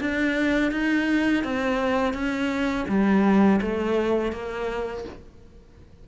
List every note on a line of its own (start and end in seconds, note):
0.00 0.71 D4
0.71 1.43 D#4
1.44 2.13 C4
2.13 2.85 C#4
2.88 3.60 G3
3.61 4.32 A3
4.32 5.04 A#3